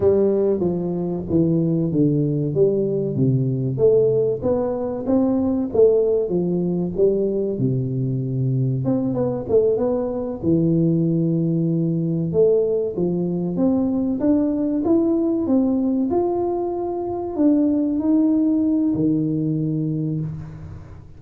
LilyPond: \new Staff \with { instrumentName = "tuba" } { \time 4/4 \tempo 4 = 95 g4 f4 e4 d4 | g4 c4 a4 b4 | c'4 a4 f4 g4 | c2 c'8 b8 a8 b8~ |
b8 e2. a8~ | a8 f4 c'4 d'4 e'8~ | e'8 c'4 f'2 d'8~ | d'8 dis'4. dis2 | }